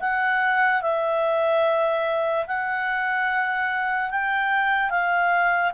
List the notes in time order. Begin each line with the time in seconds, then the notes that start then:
0.00 F#5
0.81 E5
2.47 F#5
4.10 G5
4.90 F5